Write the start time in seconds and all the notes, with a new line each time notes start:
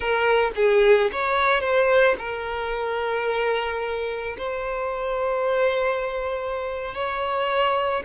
0.00 A#4
0.55 G#4
1.12 C#5
1.60 C5
2.18 A#4
4.37 C5
6.94 C#5